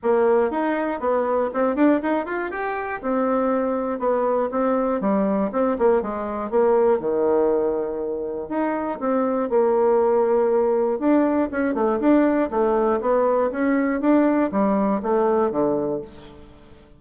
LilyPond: \new Staff \with { instrumentName = "bassoon" } { \time 4/4 \tempo 4 = 120 ais4 dis'4 b4 c'8 d'8 | dis'8 f'8 g'4 c'2 | b4 c'4 g4 c'8 ais8 | gis4 ais4 dis2~ |
dis4 dis'4 c'4 ais4~ | ais2 d'4 cis'8 a8 | d'4 a4 b4 cis'4 | d'4 g4 a4 d4 | }